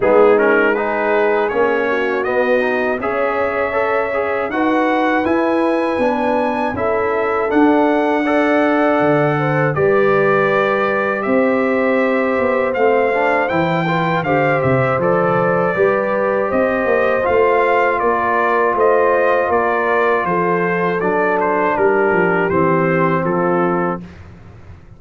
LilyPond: <<
  \new Staff \with { instrumentName = "trumpet" } { \time 4/4 \tempo 4 = 80 gis'8 ais'8 b'4 cis''4 dis''4 | e''2 fis''4 gis''4~ | gis''4 e''4 fis''2~ | fis''4 d''2 e''4~ |
e''4 f''4 g''4 f''8 e''8 | d''2 dis''4 f''4 | d''4 dis''4 d''4 c''4 | d''8 c''8 ais'4 c''4 a'4 | }
  \new Staff \with { instrumentName = "horn" } { \time 4/4 dis'4 gis'4. fis'4. | cis''2 b'2~ | b'4 a'2 d''4~ | d''8 c''8 b'2 c''4~ |
c''2~ c''8 b'8 c''4~ | c''4 b'4 c''2 | ais'4 c''4 ais'4 a'4~ | a'4 g'2 f'4 | }
  \new Staff \with { instrumentName = "trombone" } { \time 4/4 b8 cis'8 dis'4 cis'4 b8 dis'8 | gis'4 a'8 gis'8 fis'4 e'4 | d'4 e'4 d'4 a'4~ | a'4 g'2.~ |
g'4 c'8 d'8 e'8 f'8 g'4 | a'4 g'2 f'4~ | f'1 | d'2 c'2 | }
  \new Staff \with { instrumentName = "tuba" } { \time 4/4 gis2 ais4 b4 | cis'2 dis'4 e'4 | b4 cis'4 d'2 | d4 g2 c'4~ |
c'8 b8 a4 e4 d8 c8 | f4 g4 c'8 ais8 a4 | ais4 a4 ais4 f4 | fis4 g8 f8 e4 f4 | }
>>